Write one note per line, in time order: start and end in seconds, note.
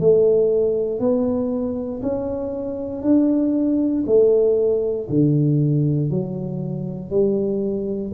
0.00 1.00 A3
1.00 2.02 B3
2.02 3.03 C#4
3.03 4.04 D4
4.06 5.08 A3
5.09 6.11 D3
6.11 7.10 F#3
7.10 8.12 G3